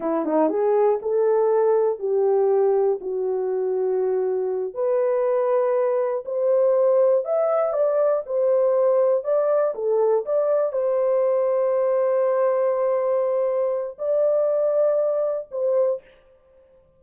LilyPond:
\new Staff \with { instrumentName = "horn" } { \time 4/4 \tempo 4 = 120 e'8 dis'8 gis'4 a'2 | g'2 fis'2~ | fis'4. b'2~ b'8~ | b'8 c''2 e''4 d''8~ |
d''8 c''2 d''4 a'8~ | a'8 d''4 c''2~ c''8~ | c''1 | d''2. c''4 | }